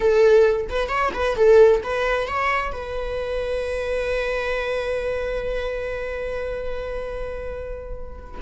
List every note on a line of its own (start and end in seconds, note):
0.00 0.67 A4
0.69 0.88 B4
0.88 1.11 C#5
1.13 1.36 B4
1.36 1.81 A4
1.83 2.27 B4
2.27 2.72 C#5
2.72 8.40 B4